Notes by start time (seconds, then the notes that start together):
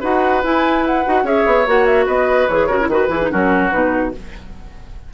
0.00 D#4 F#4 B4 F#5
0.43 E4 G#5
0.86 F#5
1.05 D#4 F#4
1.23 C#4 G#4 C#5 E5
1.46 B3
1.66 A#3 F#4 F#5
1.85 E5
2.06 B3 B4 D#5
2.48 E3 G#4 C#5
2.67 C#3 F#4 A#4
2.80 E4
2.87 D#3 F#4 B4
3.09 E3 E4 G#4
3.22 D#4
3.31 F#3 C#4 F#4 A#4
3.70 B2 D#4 B4